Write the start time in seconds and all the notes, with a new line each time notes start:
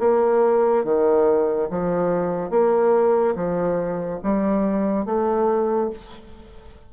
0.00 A#3
0.85 D#3
1.71 F3
2.50 A#3
3.36 F3
4.23 G3
5.06 A3